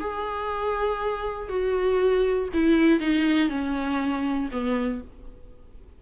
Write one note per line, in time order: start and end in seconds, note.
0.00 1.49 G#4
1.49 2.49 F#4
2.54 3.00 E4
3.00 3.49 D#4
3.49 4.49 C#4
4.52 5.02 B3